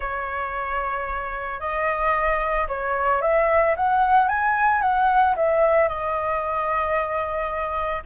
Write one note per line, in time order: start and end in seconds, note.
0.00 1.59 C#5
1.60 2.67 D#5
2.68 3.21 C#5
3.21 3.75 E5
3.76 4.28 F#5
4.28 4.81 G#5
4.81 5.35 F#5
5.36 5.88 E5
5.88 8.02 D#5